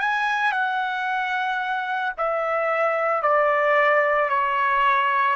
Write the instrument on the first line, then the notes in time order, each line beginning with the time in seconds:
trumpet
0.00 G#5
0.53 F#5
2.18 E5
3.23 D5
4.30 C#5